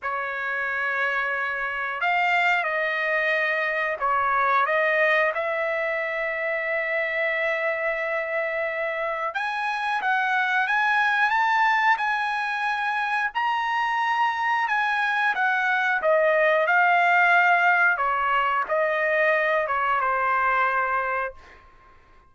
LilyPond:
\new Staff \with { instrumentName = "trumpet" } { \time 4/4 \tempo 4 = 90 cis''2. f''4 | dis''2 cis''4 dis''4 | e''1~ | e''2 gis''4 fis''4 |
gis''4 a''4 gis''2 | ais''2 gis''4 fis''4 | dis''4 f''2 cis''4 | dis''4. cis''8 c''2 | }